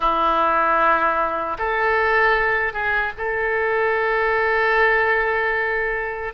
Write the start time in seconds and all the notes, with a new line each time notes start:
0.00 E4
1.58 A4
2.73 G#4
3.17 A4